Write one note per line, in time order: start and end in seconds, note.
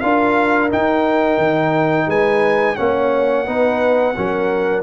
0.00 0.72 D4
0.00 0.70 F4
0.00 2.07 A#4
0.00 0.69 F5
0.70 2.76 D#4
0.70 1.37 D#4
0.70 2.10 G5
1.37 2.06 D#3
2.07 2.76 G#3
2.07 2.76 B4
2.07 2.75 G#5
2.75 3.47 A#3
2.75 3.45 C#4
2.75 3.46 C#5
2.75 4.82 F#5
3.45 4.16 B3
3.45 4.14 D#4
3.45 4.15 B4
4.15 4.82 F#3
4.15 4.82 C#4
4.15 4.82 A#4